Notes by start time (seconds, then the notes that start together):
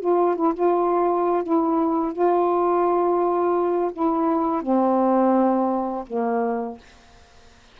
0.00 F4
0.35 E4
0.54 F4
1.43 E4
2.12 F4
3.93 E4
4.62 C4
6.06 A#3